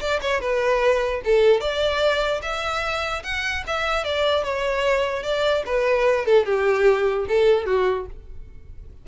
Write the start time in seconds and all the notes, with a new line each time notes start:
0.00 D5
0.21 C#5
0.40 B4
1.24 A4
1.60 D5
2.42 E5
3.23 F#5
3.67 E5
4.04 D5
4.44 C#5
5.23 D5
5.65 B4
6.25 A4
6.45 G4
7.28 A4
7.65 F#4